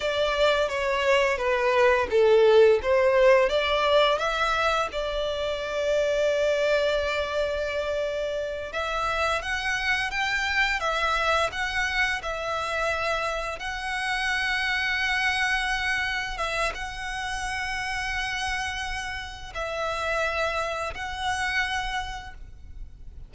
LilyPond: \new Staff \with { instrumentName = "violin" } { \time 4/4 \tempo 4 = 86 d''4 cis''4 b'4 a'4 | c''4 d''4 e''4 d''4~ | d''1~ | d''8 e''4 fis''4 g''4 e''8~ |
e''8 fis''4 e''2 fis''8~ | fis''2.~ fis''8 e''8 | fis''1 | e''2 fis''2 | }